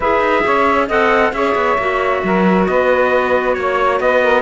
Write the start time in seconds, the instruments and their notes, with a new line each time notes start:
0.00 cello E4, clarinet G#4, saxophone B4, trumpet E5
0.20 cello D#4
0.45 cello C#4, saxophone C#5
0.87 cello C4, clarinet A4, saxophone D#5, trumpet F#5
1.32 cello C#4, clarinet G#4, saxophone C#5, trumpet E5
1.55 cello B3
1.78 cello A#3, clarinet F#4
2.23 cello F#3, saxophone A#4
2.66 cello B3, saxophone B4, trumpet D#5
3.53 cello A#3, trumpet C#5, saxophone C#5
4.00 cello B3, saxophone B4, trumpet D#5
4.22 saxophone A#4